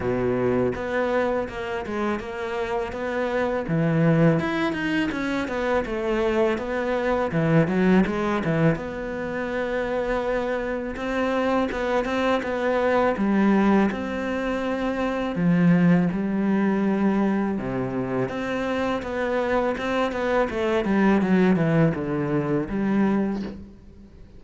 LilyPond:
\new Staff \with { instrumentName = "cello" } { \time 4/4 \tempo 4 = 82 b,4 b4 ais8 gis8 ais4 | b4 e4 e'8 dis'8 cis'8 b8 | a4 b4 e8 fis8 gis8 e8 | b2. c'4 |
b8 c'8 b4 g4 c'4~ | c'4 f4 g2 | c4 c'4 b4 c'8 b8 | a8 g8 fis8 e8 d4 g4 | }